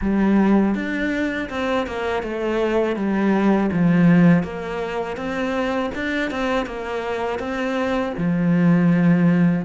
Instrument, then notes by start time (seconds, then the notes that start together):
cello
0.01 G3
0.74 D4
1.49 C4
1.87 A#3
2.22 A3
2.96 G3
3.71 F3
4.43 A#3
5.16 C4
5.94 D4
6.30 C4
6.65 A#3
7.39 C4
8.17 F3